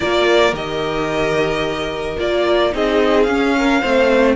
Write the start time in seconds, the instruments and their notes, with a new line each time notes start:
0.00 cello A#3, viola F4, violin A#4 D5
0.52 cello D#3, viola G4, violin D#5
2.17 cello A#3, viola F4, violin D5
2.71 cello C4, viola D#4, violin G#4 D#5
3.23 cello C#4, viola C#4, violin F5
3.57 violin A#4
3.81 cello A3, viola C4, violin C5